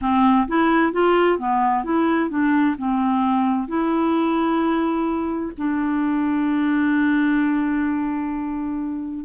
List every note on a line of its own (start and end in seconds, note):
0.01 0.47 C4
0.47 0.92 E4
0.92 1.38 F4
1.38 1.83 B3
1.83 2.30 E4
2.30 2.76 D4
2.78 3.68 C4
3.68 5.52 E4
5.57 9.25 D4